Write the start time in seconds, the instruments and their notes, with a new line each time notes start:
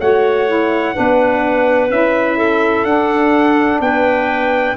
0.00 tuba A3, saxophone F#4, clarinet C#5, trumpet F#5
0.47 saxophone E4
0.94 tuba B3, saxophone D4, clarinet B4
1.90 tuba C#4, saxophone E4, trumpet E5
2.37 clarinet A4
2.85 tuba D4, saxophone D4, trumpet F#5
3.81 tuba B3, clarinet B4, trumpet G5